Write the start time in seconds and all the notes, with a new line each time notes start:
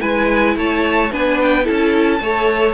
0.00 G#3 E4 B4 G#5
0.56 A3 C#5 A5
1.11 B3 D4 B4 G#5
1.41 G5
1.63 E4 A4 A5
1.69 C#4
2.19 A3 A4 C#5